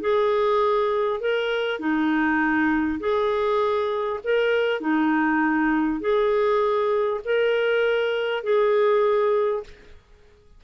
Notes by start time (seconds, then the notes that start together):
0.00 G#4
1.20 A#4
1.79 D#4
2.99 G#4
4.24 A#4
4.80 D#4
6.00 G#4
7.24 A#4
8.43 G#4